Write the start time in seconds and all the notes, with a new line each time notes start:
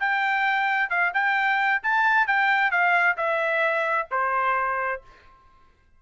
0.00 G5
0.90 F5
1.14 G5
1.83 A5
2.27 G5
2.71 F5
3.17 E5
4.11 C5